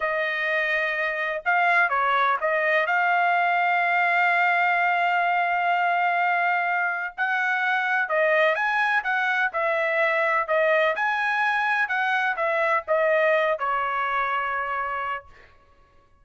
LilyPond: \new Staff \with { instrumentName = "trumpet" } { \time 4/4 \tempo 4 = 126 dis''2. f''4 | cis''4 dis''4 f''2~ | f''1~ | f''2. fis''4~ |
fis''4 dis''4 gis''4 fis''4 | e''2 dis''4 gis''4~ | gis''4 fis''4 e''4 dis''4~ | dis''8 cis''2.~ cis''8 | }